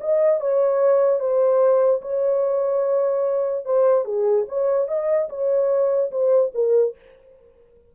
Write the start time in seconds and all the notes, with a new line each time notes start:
0.00 D#5
0.40 C#5
1.19 C5
2.01 C#5
3.65 C5
4.05 G#4
4.48 C#5
4.88 D#5
5.29 C#5
6.11 C5
6.54 A#4